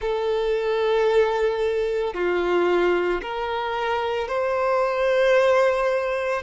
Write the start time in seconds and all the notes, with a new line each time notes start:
0.01 A4
2.14 F4
3.21 A#4
4.28 C5